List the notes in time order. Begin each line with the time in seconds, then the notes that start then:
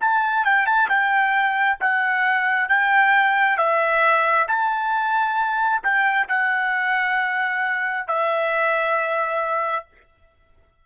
0.00 A5
0.44 G5
0.66 A5
0.89 G5
1.80 F#5
2.68 G5
3.57 E5
4.47 A5
5.82 G5
6.28 F#5
8.07 E5